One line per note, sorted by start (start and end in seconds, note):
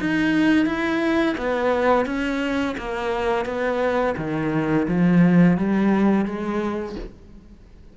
0.00 0.66 D#4
0.66 1.35 E4
1.37 2.06 B3
2.06 2.76 C#4
2.77 3.45 A#3
3.45 4.15 B3
4.17 4.87 D#3
4.88 5.57 F3
5.57 6.25 G3
6.25 6.95 G#3